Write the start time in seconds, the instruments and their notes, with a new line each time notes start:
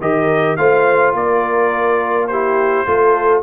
0.00 tuba D#3, trombone G4, horn A#4, trumpet D#5
0.56 tuba A3, trombone F4, horn C5, trumpet F5
1.13 tuba A#3, horn A#4, trumpet D5
2.27 trombone E4, horn G4, trumpet C5
2.86 tuba A3, trombone F4, horn A4